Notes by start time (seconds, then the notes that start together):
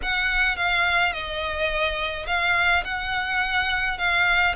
0.02 F#5
0.56 F5
1.12 D#5
2.26 F5
2.84 F#5
3.98 F5